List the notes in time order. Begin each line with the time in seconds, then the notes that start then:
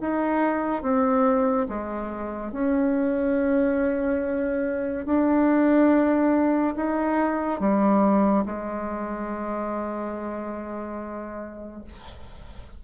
0.00 D#4
0.82 C4
1.68 G#3
2.52 C#4
5.06 D4
6.76 D#4
7.60 G3
8.45 G#3